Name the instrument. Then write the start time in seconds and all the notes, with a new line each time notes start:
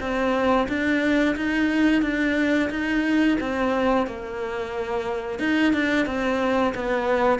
cello
0.00 C4
0.68 D4
1.36 D#4
2.02 D4
2.70 D#4
3.40 C4
4.07 A#3
5.39 D#4
5.73 D4
6.06 C4
6.74 B3